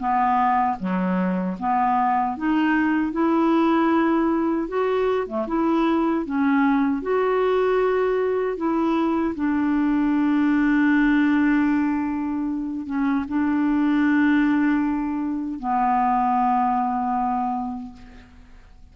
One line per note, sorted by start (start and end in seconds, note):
0.00 0.78 B3
0.80 1.58 F#3
1.60 2.37 B3
2.37 3.13 D#4
3.13 4.69 E4
4.69 5.27 F#4
5.27 5.47 A3
5.48 6.26 E4
6.26 7.03 C#4
7.03 8.57 F#4
8.57 9.35 E4
9.36 12.86 D4
12.86 13.25 C#4
13.29 15.60 D4
15.60 17.93 B3